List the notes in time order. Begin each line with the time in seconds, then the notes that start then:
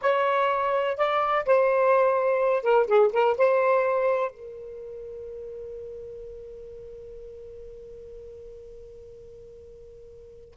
0.01 C#5
0.97 D5
1.45 C5
2.62 A#4
2.87 G#4
3.12 A#4
3.37 C5
4.30 A#4